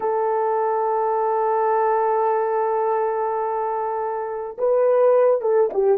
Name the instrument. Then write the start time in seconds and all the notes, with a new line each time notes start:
horn
0.00 A4
4.58 B4
5.41 A4
5.73 G4